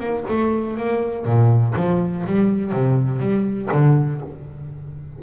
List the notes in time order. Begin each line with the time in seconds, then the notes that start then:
0.00 A#3
0.29 A3
0.78 A#3
1.26 A#2
1.76 F3
2.27 G3
2.72 C3
3.20 G3
3.72 D3